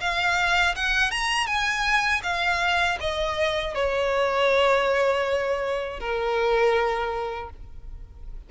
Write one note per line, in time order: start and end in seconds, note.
0.00 0.75 F5
0.75 1.11 F#5
1.11 1.46 A#5
1.46 2.21 G#5
2.23 2.98 F5
3.00 3.75 D#5
3.75 6.00 C#5
6.00 7.50 A#4